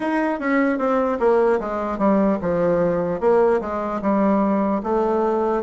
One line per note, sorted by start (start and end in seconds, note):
0.00 0.39 D#4
0.39 0.78 C#4
0.78 1.18 C4
1.19 1.59 A#3
1.60 1.98 G#3
1.98 2.38 G3
2.41 3.20 F3
3.20 3.60 A#3
3.60 4.00 G#3
4.01 4.81 G3
4.83 5.63 A3